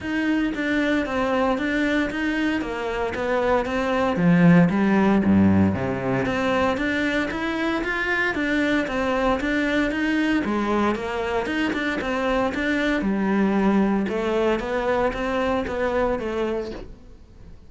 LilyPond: \new Staff \with { instrumentName = "cello" } { \time 4/4 \tempo 4 = 115 dis'4 d'4 c'4 d'4 | dis'4 ais4 b4 c'4 | f4 g4 g,4 c4 | c'4 d'4 e'4 f'4 |
d'4 c'4 d'4 dis'4 | gis4 ais4 dis'8 d'8 c'4 | d'4 g2 a4 | b4 c'4 b4 a4 | }